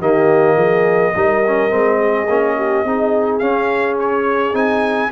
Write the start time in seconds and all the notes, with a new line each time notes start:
0.00 D#3 A#3 G4 D#5
0.56 F3 G#4
1.15 G3 D#4 A#4
1.47 C#4
1.70 G#3 C4
1.99 G#4
2.29 A#3 C#4
2.57 G4
2.85 C4 D#4 G#4
3.39 C#4 F5
4.00 C#5
4.54 C4 D#4 G#5